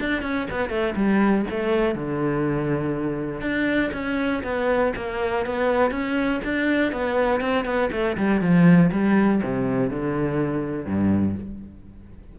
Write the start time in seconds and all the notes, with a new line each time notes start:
0.00 D4
0.23 C#4
0.51 B3
0.70 A3
0.96 G3
1.51 A3
1.95 D3
3.41 D4
3.93 C#4
4.44 B3
4.97 A#3
5.46 B3
5.91 C#4
6.45 D4
6.93 B3
7.41 C4
7.65 B3
7.92 A3
8.17 G3
8.41 F3
8.92 G3
9.43 C3
9.90 D3
10.86 G2